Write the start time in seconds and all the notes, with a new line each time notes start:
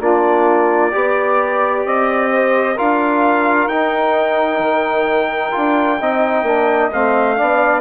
0.00 A#3 D4 F4 D5
0.91 B3 G4 D5
1.85 C4 D#5
2.31 C5
2.74 D4 F4 A#4 F5
3.67 D#4 G5
4.59 D#3
5.51 D4 F4
6.00 C4 D#4 D#5
6.43 A#3 D4
6.92 A3 C4 F5
7.37 B3 D4 D5